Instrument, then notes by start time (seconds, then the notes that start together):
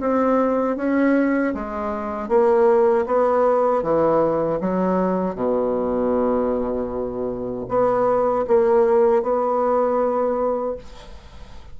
bassoon
0.00 C4
0.77 C#4
1.54 G#3
2.29 A#3
3.06 B3
3.83 E3
4.60 F#3
5.35 B2
7.69 B3
8.48 A#3
9.22 B3